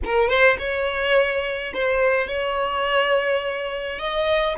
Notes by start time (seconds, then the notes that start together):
0.04 A#4
0.28 C5
0.58 C#5
1.73 C5
2.27 C#5
3.98 D#5